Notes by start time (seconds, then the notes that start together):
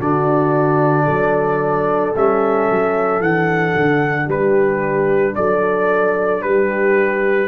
0.00 D3 D4 F#4 D5
1.04 F#3 A4
2.16 G3 C#4 E5
2.70 F#3
3.20 E3 D4 F#5
3.76 D3
4.26 G3 G4 B4
5.35 F#3 A4 D5
6.42 G3 G4 B4